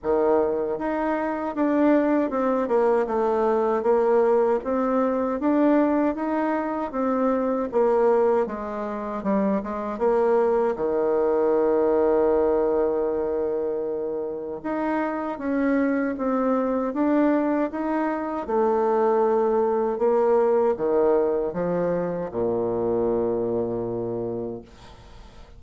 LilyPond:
\new Staff \with { instrumentName = "bassoon" } { \time 4/4 \tempo 4 = 78 dis4 dis'4 d'4 c'8 ais8 | a4 ais4 c'4 d'4 | dis'4 c'4 ais4 gis4 | g8 gis8 ais4 dis2~ |
dis2. dis'4 | cis'4 c'4 d'4 dis'4 | a2 ais4 dis4 | f4 ais,2. | }